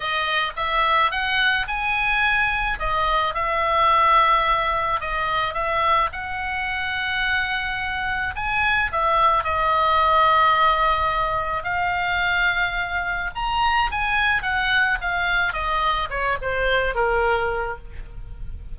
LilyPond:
\new Staff \with { instrumentName = "oboe" } { \time 4/4 \tempo 4 = 108 dis''4 e''4 fis''4 gis''4~ | gis''4 dis''4 e''2~ | e''4 dis''4 e''4 fis''4~ | fis''2. gis''4 |
e''4 dis''2.~ | dis''4 f''2. | ais''4 gis''4 fis''4 f''4 | dis''4 cis''8 c''4 ais'4. | }